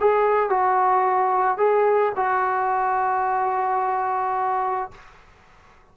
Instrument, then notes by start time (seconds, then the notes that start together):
trombone
0.00 G#4
0.49 F#4
1.57 G#4
2.16 F#4